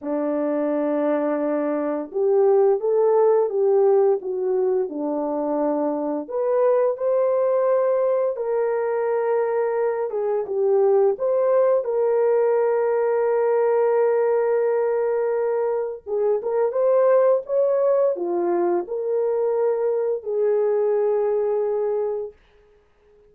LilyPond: \new Staff \with { instrumentName = "horn" } { \time 4/4 \tempo 4 = 86 d'2. g'4 | a'4 g'4 fis'4 d'4~ | d'4 b'4 c''2 | ais'2~ ais'8 gis'8 g'4 |
c''4 ais'2.~ | ais'2. gis'8 ais'8 | c''4 cis''4 f'4 ais'4~ | ais'4 gis'2. | }